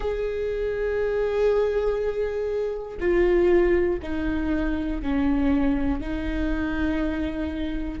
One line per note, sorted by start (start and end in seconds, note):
0.00 2.98 G#4
3.00 4.00 F4
4.02 5.01 D#4
5.01 6.00 C#4
6.00 8.00 D#4